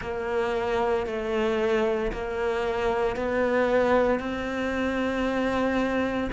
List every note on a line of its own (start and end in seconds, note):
0.01 1.06 A#3
1.06 2.11 A3
2.11 3.16 A#3
3.16 4.19 B3
4.19 6.30 C4